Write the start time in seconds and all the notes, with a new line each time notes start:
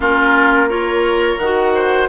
0.00 A#3 C#4 F4 A#4
0.68 F4 A#4 C#5
1.38 D#3 F#4 F#5
1.74 C5